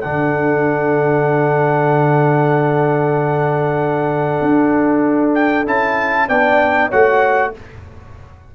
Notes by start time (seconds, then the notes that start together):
0.00 D3 D4 A4 F#5
4.41 D4
5.34 G5
5.66 C#4 E4 A5
6.27 B3 D4 D5 G5
6.88 A3 F#4 C#5 F#5